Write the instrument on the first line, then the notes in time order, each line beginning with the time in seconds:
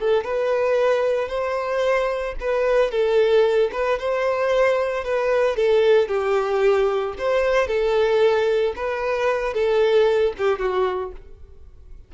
violin
0.00 A4
0.24 B4
1.29 C5
2.40 B4
2.91 A4
3.72 B4
3.99 C5
5.04 B4
5.56 A4
6.08 G4
7.18 C5
7.67 A4
8.76 B4
9.54 A4
10.38 G4
10.59 F#4